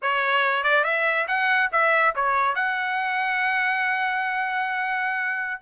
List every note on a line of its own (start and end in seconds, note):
0.01 0.63 C#5
0.63 0.84 D5
0.84 1.26 E5
1.27 1.70 F#5
1.72 2.14 E5
2.15 2.55 C#5
2.55 5.61 F#5